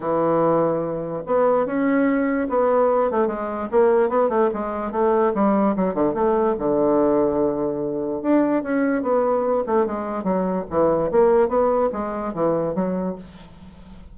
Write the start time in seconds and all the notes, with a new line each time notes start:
0.00 E3
1.26 B3
1.66 C#4
2.49 B3
3.10 A3
3.27 G#3
3.71 A#3
4.09 B3
4.29 A3
4.53 G#3
4.91 A3
5.34 G3
5.75 F#3
5.94 D3
6.14 A3
6.58 D3
8.21 D4
8.62 C#4
9.02 B3
9.66 A3
9.85 G#3
10.23 F#3
10.69 E3
11.11 A#3
11.48 B3
11.92 G#3
12.33 E3
12.74 F#3